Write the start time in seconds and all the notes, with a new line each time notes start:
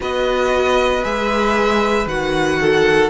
0.00 B3 F#4 B4 D#5
1.03 G#3 G#4 E5
2.06 D#3 F#4 F#5
2.61 A4